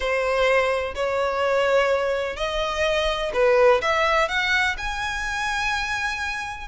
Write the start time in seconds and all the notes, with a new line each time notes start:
0.00 C5
0.94 C#5
2.36 D#5
3.33 B4
3.81 E5
4.28 F#5
4.77 G#5